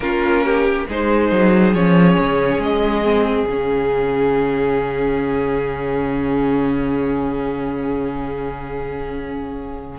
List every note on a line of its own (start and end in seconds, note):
0.00 0.85 A#3
0.00 0.88 C#4
0.00 0.44 F4
0.00 0.87 A#4
0.44 0.87 G4
0.88 1.31 G#3
0.88 1.76 D#4
0.88 9.98 G#4
0.88 1.74 C5
1.31 1.74 F#3
1.74 2.17 F3
1.74 3.03 C#4
1.74 2.61 C#5
2.19 2.57 C#3
2.57 3.44 G#3
2.57 3.47 D#5
3.03 3.47 C4
3.47 9.98 C#3
3.47 9.98 C#4
3.47 9.98 F5